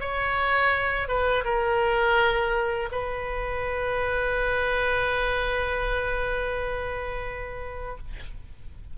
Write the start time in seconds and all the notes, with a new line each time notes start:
0.00 C#5
1.08 B4
1.45 A#4
2.91 B4